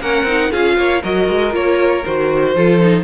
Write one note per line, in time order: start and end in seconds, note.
0.00 0.23 A#3
0.00 0.27 C#4
0.00 0.51 A#4
0.00 0.52 F#5
0.23 0.48 C4
0.23 0.52 D#4
0.51 0.77 C#4
0.51 1.02 F4
0.51 0.77 G#4
0.51 1.02 F5
0.77 1.02 A#3
0.77 1.01 C#5
1.01 1.28 F#3
1.01 1.51 F#4
1.01 2.53 A#4
1.01 1.54 D#5
1.28 1.54 G#3
1.51 2.04 A#3
1.51 2.01 F4
1.51 2.05 C#5
2.05 2.55 D#3
2.05 2.56 F#4
2.05 3.04 C5
2.55 3.04 F3
2.55 2.81 F4
2.55 3.04 A4
2.81 3.04 D#4